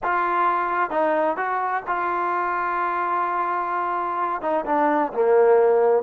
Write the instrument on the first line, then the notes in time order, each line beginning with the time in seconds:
trombone
0.03 F4
0.90 D#4
1.36 F#4
1.87 F4
4.41 D#4
4.65 D4
5.13 A#3